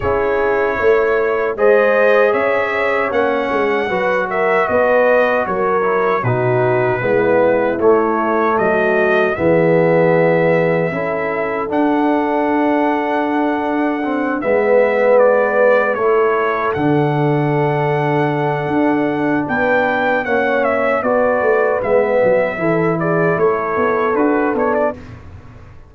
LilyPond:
<<
  \new Staff \with { instrumentName = "trumpet" } { \time 4/4 \tempo 4 = 77 cis''2 dis''4 e''4 | fis''4. e''8 dis''4 cis''4 | b'2 cis''4 dis''4 | e''2. fis''4~ |
fis''2~ fis''8 e''4 d''8~ | d''8 cis''4 fis''2~ fis''8~ | fis''4 g''4 fis''8 e''8 d''4 | e''4. d''8 cis''4 b'8 cis''16 d''16 | }
  \new Staff \with { instrumentName = "horn" } { \time 4/4 gis'4 cis''4 c''4 cis''4~ | cis''4 b'8 ais'8 b'4 ais'4 | fis'4 e'2 fis'4 | gis'2 a'2~ |
a'2~ a'8 b'4.~ | b'8 a'2.~ a'8~ | a'4 b'4 cis''4 b'4~ | b'4 a'8 gis'8 a'2 | }
  \new Staff \with { instrumentName = "trombone" } { \time 4/4 e'2 gis'2 | cis'4 fis'2~ fis'8 e'8 | dis'4 b4 a2 | b2 e'4 d'4~ |
d'2 c'8 b4.~ | b8 e'4 d'2~ d'8~ | d'2 cis'4 fis'4 | b4 e'2 fis'8 d'8 | }
  \new Staff \with { instrumentName = "tuba" } { \time 4/4 cis'4 a4 gis4 cis'4 | ais8 gis8 fis4 b4 fis4 | b,4 gis4 a4 fis4 | e2 cis'4 d'4~ |
d'2~ d'8 gis4.~ | gis8 a4 d2~ d8 | d'4 b4 ais4 b8 a8 | gis8 fis8 e4 a8 b8 d'8 b8 | }
>>